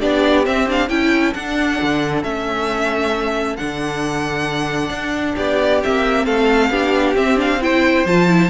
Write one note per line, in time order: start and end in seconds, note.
0.00 0.48 B3
0.00 0.45 D4
0.00 0.88 G4
0.00 0.46 D5
0.45 0.67 C4
0.45 0.90 C4
0.45 0.69 E5
0.69 0.89 D4
0.69 0.89 F5
0.88 1.35 C#4
0.88 1.34 E4
0.88 5.36 A4
0.88 1.34 G5
1.34 1.80 D4
1.34 2.24 D4
1.34 2.24 F#5
1.83 2.24 D3
2.24 3.58 A3
2.24 3.58 C#4
2.24 3.57 E5
3.57 4.90 D3
3.57 5.83 D4
3.57 5.36 F#5
4.90 5.35 D4
5.36 5.83 B3
5.36 6.25 G4
5.36 5.82 D5
5.83 6.27 A#3
5.83 6.72 C4
5.83 6.26 E5
6.26 6.71 A3
6.26 6.71 A4
6.26 7.16 F5
6.71 7.15 B3
6.71 7.15 D4
6.71 7.61 G4
7.15 7.37 C4
7.15 8.06 C4
7.15 7.39 E5
7.37 7.59 D4
7.37 7.63 F5
7.61 8.06 E4
7.61 8.50 C5
7.61 8.07 G5
8.06 8.50 F3
8.06 8.29 F4
8.06 8.50 A5
8.29 8.50 E4